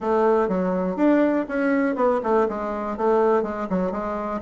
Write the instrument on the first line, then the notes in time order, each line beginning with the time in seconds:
bassoon
0.00 A3
0.48 F#3
0.96 D4
1.48 C#4
1.95 B3
2.23 A3
2.48 G#3
2.97 A3
3.42 G#3
3.69 F#3
3.91 G#3